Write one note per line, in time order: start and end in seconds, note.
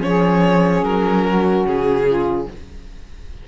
0.00 0.82 F3
0.00 2.47 C#4
0.00 1.25 G#4
0.00 0.84 C#5
0.83 1.64 F#3
0.83 1.66 A#4
1.25 2.07 F#4
1.64 2.46 C#3
1.64 2.48 G#4
2.07 2.48 F4